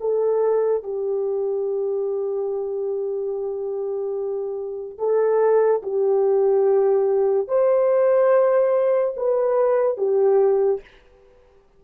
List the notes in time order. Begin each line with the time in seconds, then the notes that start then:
0.00 A4
0.83 G4
4.98 A4
5.82 G4
7.48 C5
9.16 B4
9.97 G4